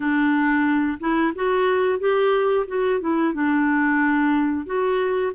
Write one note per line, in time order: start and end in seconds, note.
0.00 0.98 D4
1.00 1.33 E4
1.35 1.99 F#4
1.99 2.65 G4
2.67 3.00 F#4
3.00 3.33 E4
3.33 4.65 D4
4.65 5.32 F#4